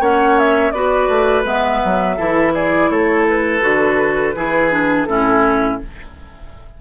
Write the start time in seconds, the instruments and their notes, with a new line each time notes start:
0.00 bassoon A#3, clarinet C#4, oboe C#5, flute F#5
0.39 flute E5
0.71 bassoon B3, clarinet F#4, oboe B4, flute D5
1.08 bassoon A3
1.45 bassoon G#3, clarinet B3, flute E5
1.85 bassoon F#3
2.17 bassoon E3, clarinet E4, oboe A4
2.54 oboe G#4, flute D5
2.90 bassoon A3, oboe A4, flute C#5
3.29 flute B4
3.61 bassoon D3, clarinet F#4
4.36 bassoon E3, clarinet E4, oboe G#4
4.71 clarinet D4
5.03 bassoon A2, clarinet C#4, oboe E4, flute A4